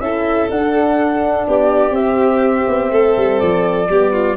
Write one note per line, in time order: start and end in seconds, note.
0.00 0.48 C#4
0.00 0.50 E4
0.00 1.47 A4
0.00 0.49 E5
0.50 1.47 D4
0.50 1.95 D4
0.50 1.47 F#5
1.47 1.91 B3
1.47 2.92 G4
1.47 1.95 D5
1.91 2.63 C4
1.91 3.88 C4
1.91 3.40 E5
2.68 2.91 B3
2.91 3.15 A3
2.91 3.89 A4
3.17 3.41 G3
3.40 3.89 F3
3.40 4.36 D5
3.89 4.37 G3
3.89 4.37 B3
3.89 4.13 G4
4.13 4.37 F4